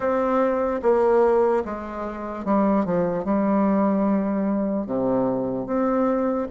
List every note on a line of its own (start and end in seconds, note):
0.00 0.81 C4
0.82 1.63 A#3
1.64 2.45 G#3
2.45 2.85 G3
2.85 3.24 F3
3.24 4.86 G3
4.86 5.66 C3
5.66 6.47 C4